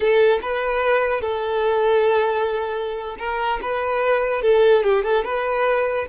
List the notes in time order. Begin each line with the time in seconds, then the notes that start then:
0.00 A4
0.42 B4
1.21 A4
3.18 A#4
3.62 B4
4.42 A4
4.83 G4
5.03 A4
5.24 B4